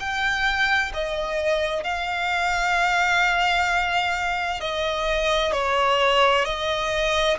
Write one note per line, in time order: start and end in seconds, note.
0.00 0.92 G5
0.94 1.84 D#5
1.84 4.61 F5
4.61 5.53 D#5
5.53 6.45 C#5
6.45 7.38 D#5